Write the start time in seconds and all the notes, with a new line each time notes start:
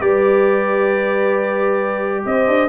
0.00 G3 G4 B4 D5
2.25 C4 C5 D#5
2.47 D4